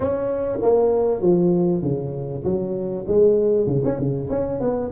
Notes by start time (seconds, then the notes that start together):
0.00 C#4
0.62 A#3
1.21 F3
1.82 C#3
2.44 F#3
3.07 G#3
3.67 C#3
3.84 C#4
3.98 C#3
4.29 C#4
4.60 B3